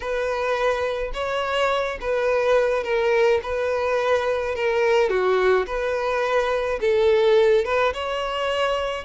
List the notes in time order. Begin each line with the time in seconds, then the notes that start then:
0.00 B4
1.13 C#5
2.00 B4
2.83 A#4
3.42 B4
4.55 A#4
5.09 F#4
5.66 B4
6.81 A4
7.64 B4
7.93 C#5